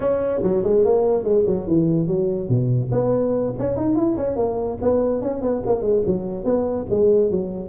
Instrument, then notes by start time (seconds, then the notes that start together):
tuba
0.00 C#4
0.42 F#3
0.63 G#3
0.84 A#3
1.23 G#3
1.46 F#3
1.67 E3
2.07 F#3
2.48 B2
2.91 B3
3.59 C#4
3.76 D#4
3.95 E4
4.17 C#4
4.36 A#3
4.81 B3
5.21 C#4
5.41 B3
5.66 A#3
5.81 G#3
6.06 F#3
6.44 B3
6.90 G#3
7.30 F#3